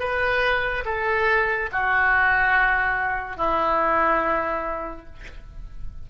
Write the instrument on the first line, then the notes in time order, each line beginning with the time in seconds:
oboe
0.00 B4
0.85 A4
1.72 F#4
3.37 E4